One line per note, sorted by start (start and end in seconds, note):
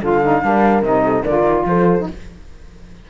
0.00 0.43 D3
0.00 0.21 F4
0.00 0.41 A4
0.00 0.83 F5
0.22 0.42 D#4
0.42 0.82 G3
0.42 0.83 D4
0.42 1.04 A#4
0.82 1.23 C3
0.82 1.24 D#4
0.82 1.24 D#5
1.04 1.23 A4
1.23 1.42 D3
1.23 1.99 F4
1.23 1.64 A#4
1.23 1.65 D5
1.42 1.63 D#3
1.66 2.06 F3
1.66 2.09 A4
1.66 2.08 C5
2.00 2.10 D#4